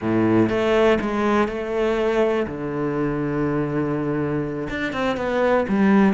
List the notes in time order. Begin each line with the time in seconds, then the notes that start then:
0.01 A2
0.49 A3
1.00 G#3
1.48 A3
2.47 D3
4.69 D4
4.92 C4
5.16 B3
5.68 G3